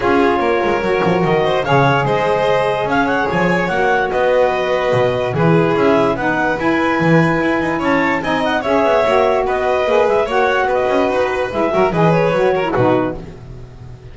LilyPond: <<
  \new Staff \with { instrumentName = "clarinet" } { \time 4/4 \tempo 4 = 146 cis''2. dis''4 | f''4 dis''2 f''8 fis''8 | gis''4 fis''4 dis''2~ | dis''4 b'4 e''4 fis''4 |
gis''2. a''4 | gis''8 fis''8 e''2 dis''4~ | dis''8 e''8 fis''4 dis''4 b'4 | e''4 dis''8 cis''4. b'4 | }
  \new Staff \with { instrumentName = "violin" } { \time 4/4 gis'4 ais'2~ ais'8 c''8 | cis''4 c''2 cis''4~ | cis''2 b'2~ | b'4 gis'2 b'4~ |
b'2. cis''4 | dis''4 cis''2 b'4~ | b'4 cis''4 b'2~ | b'8 ais'8 b'4. ais'8 fis'4 | }
  \new Staff \with { instrumentName = "saxophone" } { \time 4/4 f'2 fis'2 | gis'1~ | gis'4 fis'2.~ | fis'4 e'2 dis'4 |
e'1 | dis'4 gis'4 fis'2 | gis'4 fis'2. | e'8 fis'8 gis'4 fis'8. e'16 dis'4 | }
  \new Staff \with { instrumentName = "double bass" } { \time 4/4 cis'4 ais8 gis8 fis8 f8 dis4 | cis4 gis2 cis'4 | f4 ais4 b2 | b,4 e4 cis'4 b4 |
e'4 e4 e'8 dis'8 cis'4 | c'4 cis'8 b8 ais4 b4 | ais8 gis8 ais4 b8 cis'8 dis'4 | gis8 fis8 e4 fis4 b,4 | }
>>